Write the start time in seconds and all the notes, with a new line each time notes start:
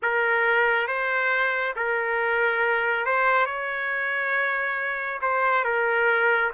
0.02 A#4
0.87 C5
1.75 A#4
3.05 C5
3.45 C#5
5.21 C5
5.64 A#4